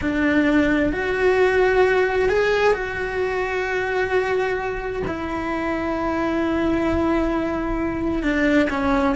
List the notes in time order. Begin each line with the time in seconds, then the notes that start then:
0.01 D4
0.92 F#4
2.29 G#4
2.73 F#4
5.07 E4
8.22 D4
8.70 C#4